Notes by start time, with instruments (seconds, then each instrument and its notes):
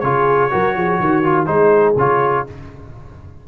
0.00 tuba C#3, trombone F4, horn G#4, trumpet C#5
0.51 tuba F#3, trombone F#4, horn A#4
0.76 tuba F3, horn G#4
1.00 tuba D#3, horn F#4
1.24 trombone F4
1.46 tuba G#3, trombone D#4, horn G#4, trumpet C5
1.96 tuba C#3, trombone F4, trumpet C#5